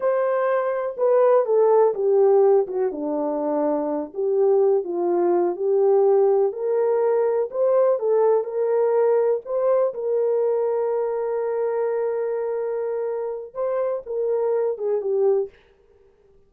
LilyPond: \new Staff \with { instrumentName = "horn" } { \time 4/4 \tempo 4 = 124 c''2 b'4 a'4 | g'4. fis'8 d'2~ | d'8 g'4. f'4. g'8~ | g'4. ais'2 c''8~ |
c''8 a'4 ais'2 c''8~ | c''8 ais'2.~ ais'8~ | ais'1 | c''4 ais'4. gis'8 g'4 | }